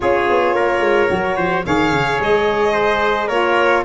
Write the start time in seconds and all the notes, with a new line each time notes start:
0.00 C#4 F4 G#4 C#5
0.29 B3
0.53 A#3 A#4
0.80 G#3
1.07 F#3 F#4
1.36 F3 C5
1.65 D#3 G#4 C#5 F5
1.92 C#3
2.20 G#3 D#5
2.72 C5
3.27 A#3 F4 A#4 C#5